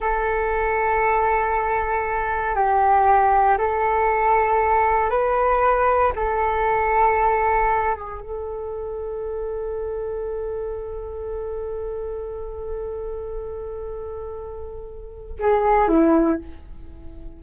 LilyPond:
\new Staff \with { instrumentName = "flute" } { \time 4/4 \tempo 4 = 117 a'1~ | a'4 g'2 a'4~ | a'2 b'2 | a'2.~ a'8 gis'8 |
a'1~ | a'1~ | a'1~ | a'2 gis'4 e'4 | }